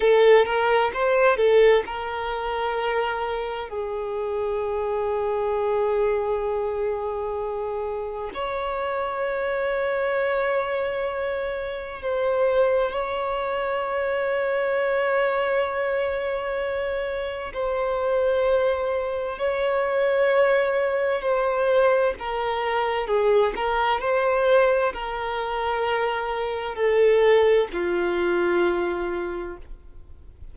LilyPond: \new Staff \with { instrumentName = "violin" } { \time 4/4 \tempo 4 = 65 a'8 ais'8 c''8 a'8 ais'2 | gis'1~ | gis'4 cis''2.~ | cis''4 c''4 cis''2~ |
cis''2. c''4~ | c''4 cis''2 c''4 | ais'4 gis'8 ais'8 c''4 ais'4~ | ais'4 a'4 f'2 | }